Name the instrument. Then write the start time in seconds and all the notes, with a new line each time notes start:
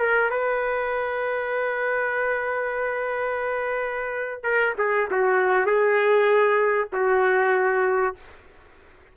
trumpet
0.00 A#4
0.31 B4
4.44 A#4
4.78 G#4
5.11 F#4
5.66 G#4
6.93 F#4